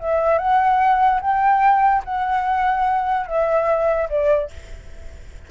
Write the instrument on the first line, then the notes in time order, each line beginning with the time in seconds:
flute
0.00 E5
0.39 F#5
1.21 G5
2.05 F#5
3.27 E5
4.10 D5